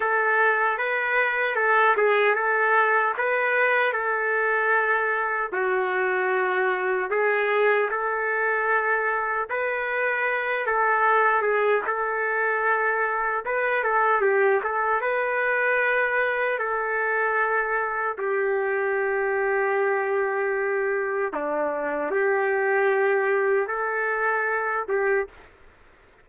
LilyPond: \new Staff \with { instrumentName = "trumpet" } { \time 4/4 \tempo 4 = 76 a'4 b'4 a'8 gis'8 a'4 | b'4 a'2 fis'4~ | fis'4 gis'4 a'2 | b'4. a'4 gis'8 a'4~ |
a'4 b'8 a'8 g'8 a'8 b'4~ | b'4 a'2 g'4~ | g'2. d'4 | g'2 a'4. g'8 | }